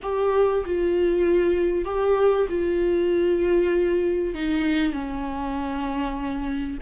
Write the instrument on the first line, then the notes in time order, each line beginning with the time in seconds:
viola
0.02 G4
0.65 F4
1.84 G4
2.49 F4
4.34 D#4
4.92 C#4